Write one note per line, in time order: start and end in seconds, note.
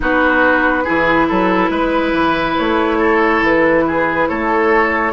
0.00 0.87 B3
0.00 0.84 D#4
0.00 0.84 F#4
0.00 2.57 B4
0.84 1.30 E3
0.84 5.12 E4
0.84 1.26 G#4
1.28 1.69 F#3
1.28 1.70 A4
1.69 2.12 G#3
1.69 2.97 B4
2.12 2.55 E3
2.57 3.41 A3
2.57 3.43 C#5
2.97 3.83 A4
3.41 4.27 E3
3.41 4.28 B4
3.87 4.28 G#4
4.28 5.12 A3
4.28 5.12 A4
4.28 5.12 C#5